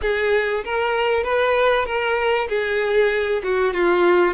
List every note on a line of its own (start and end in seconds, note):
0.01 0.64 G#4
0.64 1.23 A#4
1.23 1.85 B4
1.85 2.48 A#4
2.48 3.42 G#4
3.43 3.73 F#4
3.73 4.34 F4